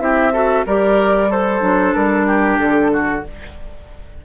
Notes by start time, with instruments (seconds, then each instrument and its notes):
0.00 bassoon C4, clarinet E4, oboe G4, flute E5
0.33 clarinet F#4, oboe A4
0.67 bassoon G3, clarinet G4, oboe A#4, flute D5
1.30 clarinet A4, oboe A4, flute C5
1.61 bassoon F#3, clarinet D4
1.94 bassoon G3, flute A#4
2.27 oboe G4
2.59 bassoon D3, flute A4
2.93 oboe F#4